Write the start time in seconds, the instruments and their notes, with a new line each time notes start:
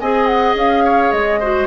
0.00 bassoon C4, clarinet G#4, oboe D#5, flute G#5
0.26 flute F#5
0.55 bassoon C#4, flute F5
0.84 oboe C#5
1.12 bassoon G#3, flute D#5
1.40 clarinet F#4, oboe C5